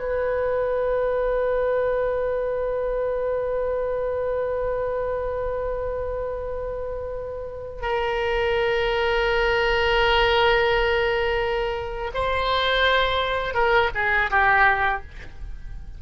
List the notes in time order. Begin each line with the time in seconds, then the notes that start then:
0.00 B4
7.82 A#4
12.15 C5
13.54 A#4
13.94 G#4
14.31 G4